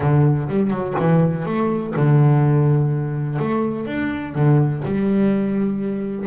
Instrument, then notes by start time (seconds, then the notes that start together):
double bass
0.00 D3
0.48 G3
0.70 F#3
0.99 E3
1.45 A3
1.96 D3
3.38 A3
3.86 D4
4.34 D3
4.85 G3